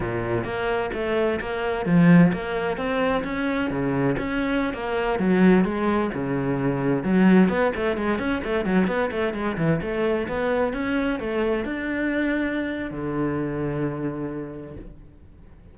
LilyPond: \new Staff \with { instrumentName = "cello" } { \time 4/4 \tempo 4 = 130 ais,4 ais4 a4 ais4 | f4 ais4 c'4 cis'4 | cis4 cis'4~ cis'16 ais4 fis8.~ | fis16 gis4 cis2 fis8.~ |
fis16 b8 a8 gis8 cis'8 a8 fis8 b8 a16~ | a16 gis8 e8 a4 b4 cis'8.~ | cis'16 a4 d'2~ d'8. | d1 | }